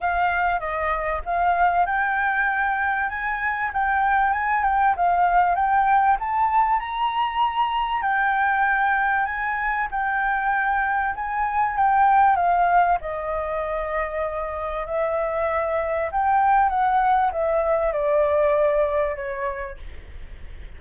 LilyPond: \new Staff \with { instrumentName = "flute" } { \time 4/4 \tempo 4 = 97 f''4 dis''4 f''4 g''4~ | g''4 gis''4 g''4 gis''8 g''8 | f''4 g''4 a''4 ais''4~ | ais''4 g''2 gis''4 |
g''2 gis''4 g''4 | f''4 dis''2. | e''2 g''4 fis''4 | e''4 d''2 cis''4 | }